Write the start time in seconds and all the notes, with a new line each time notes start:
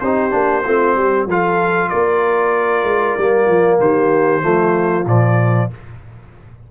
0.00 C4 D#4 G4 C5
0.30 A#3 D4
0.64 A3 C4 F4
0.95 G3 G4
1.26 F3 F4 A4 F5
1.89 A#3 A#4 D5
2.83 G#3
3.18 G3 A#3
3.46 F3 F4
3.80 D#3 G4 C5
4.41 F3 A3 F4
5.06 A#2 F3 D5